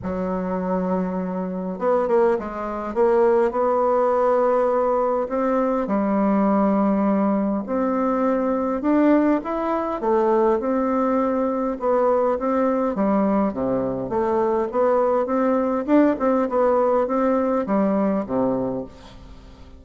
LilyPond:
\new Staff \with { instrumentName = "bassoon" } { \time 4/4 \tempo 4 = 102 fis2. b8 ais8 | gis4 ais4 b2~ | b4 c'4 g2~ | g4 c'2 d'4 |
e'4 a4 c'2 | b4 c'4 g4 c4 | a4 b4 c'4 d'8 c'8 | b4 c'4 g4 c4 | }